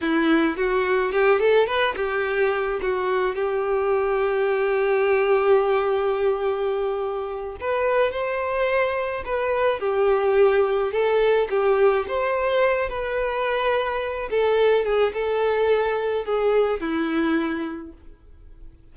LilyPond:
\new Staff \with { instrumentName = "violin" } { \time 4/4 \tempo 4 = 107 e'4 fis'4 g'8 a'8 b'8 g'8~ | g'4 fis'4 g'2~ | g'1~ | g'4. b'4 c''4.~ |
c''8 b'4 g'2 a'8~ | a'8 g'4 c''4. b'4~ | b'4. a'4 gis'8 a'4~ | a'4 gis'4 e'2 | }